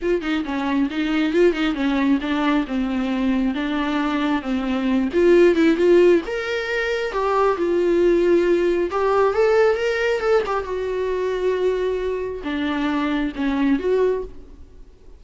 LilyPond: \new Staff \with { instrumentName = "viola" } { \time 4/4 \tempo 4 = 135 f'8 dis'8 cis'4 dis'4 f'8 dis'8 | cis'4 d'4 c'2 | d'2 c'4. f'8~ | f'8 e'8 f'4 ais'2 |
g'4 f'2. | g'4 a'4 ais'4 a'8 g'8 | fis'1 | d'2 cis'4 fis'4 | }